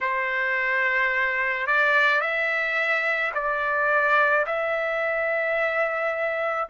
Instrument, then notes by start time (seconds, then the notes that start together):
trumpet
0.00 C5
1.66 D5
2.20 E5
3.34 D5
4.46 E5